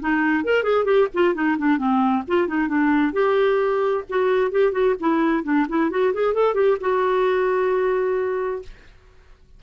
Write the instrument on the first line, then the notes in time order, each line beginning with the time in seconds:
clarinet
0.00 D#4
0.44 A#4
0.63 G#4
0.85 G4
1.14 F4
1.34 D#4
1.58 D4
1.77 C4
2.27 F4
2.48 D#4
2.68 D4
3.13 G4
4.09 F#4
4.51 G4
4.72 F#4
5.00 E4
5.44 D4
5.69 E4
5.90 F#4
6.14 G#4
6.34 A4
6.54 G4
6.80 F#4